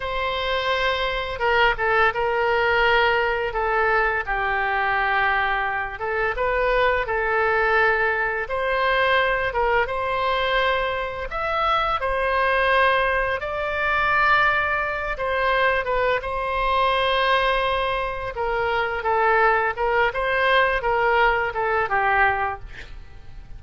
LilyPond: \new Staff \with { instrumentName = "oboe" } { \time 4/4 \tempo 4 = 85 c''2 ais'8 a'8 ais'4~ | ais'4 a'4 g'2~ | g'8 a'8 b'4 a'2 | c''4. ais'8 c''2 |
e''4 c''2 d''4~ | d''4. c''4 b'8 c''4~ | c''2 ais'4 a'4 | ais'8 c''4 ais'4 a'8 g'4 | }